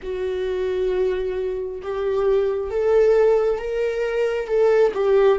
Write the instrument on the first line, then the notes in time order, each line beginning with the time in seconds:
viola
0.02 F#4
1.82 G4
2.70 A4
3.58 A#4
4.47 A4
4.93 G4